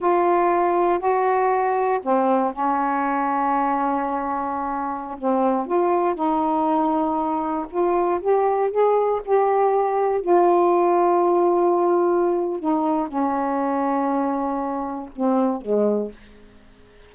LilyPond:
\new Staff \with { instrumentName = "saxophone" } { \time 4/4 \tempo 4 = 119 f'2 fis'2 | c'4 cis'2.~ | cis'2~ cis'16 c'4 f'8.~ | f'16 dis'2. f'8.~ |
f'16 g'4 gis'4 g'4.~ g'16~ | g'16 f'2.~ f'8.~ | f'4 dis'4 cis'2~ | cis'2 c'4 gis4 | }